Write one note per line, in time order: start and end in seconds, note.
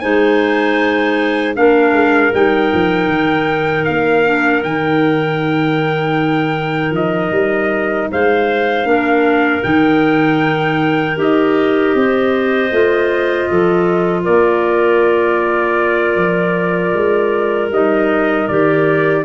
0.00 1.57 G#3
0.00 1.55 D#4
0.00 1.56 C5
0.00 1.54 G#5
1.55 1.92 A#3
1.55 2.32 D4
1.55 8.10 A#4
1.55 2.33 F5
1.92 2.31 G#3
2.33 2.72 G3
2.33 4.25 D#4
2.33 3.85 G5
2.74 3.07 F3
3.07 3.84 D#3
3.85 4.64 A#3
3.85 4.62 F5
4.25 4.62 D4
4.62 6.91 D#3
4.62 8.85 D#4
4.62 6.94 G5
6.91 7.29 F3
6.91 8.11 D#5
7.31 8.08 G3
8.11 8.84 G#3
8.11 8.88 C5
8.11 9.63 F5
8.84 9.61 A#3
8.84 9.62 D4
8.84 11.97 A#4
9.63 11.18 D#3
9.63 11.16 D#4
9.63 11.17 G5
11.16 11.94 D#4
11.16 12.70 G4
11.16 14.24 D#5
11.94 12.71 C4
11.94 13.49 C5
12.71 13.48 A3
12.71 17.72 F4
13.49 14.27 F3
13.49 14.23 A4
14.23 16.16 A#3
14.23 19.23 A#4
14.23 17.71 D5
16.16 16.93 F3
16.94 17.70 G#3
17.70 18.47 G3
17.70 18.49 D#4
17.70 18.48 D#5
18.48 19.25 D#3
18.48 19.25 G4
18.48 19.25 D5